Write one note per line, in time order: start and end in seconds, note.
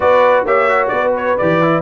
0.00 0.45 B3
0.00 0.46 F#4
0.00 0.45 B4
0.00 0.45 D5
0.45 0.91 A#3
0.45 0.68 G4
0.45 0.91 C#5
0.45 0.87 E5
0.68 1.38 F#4
0.87 1.37 B3
0.87 1.81 B4
0.87 1.10 D5
1.16 1.37 C#5
1.37 1.81 E3
1.37 1.62 G4
1.37 1.81 D5
1.62 1.81 E4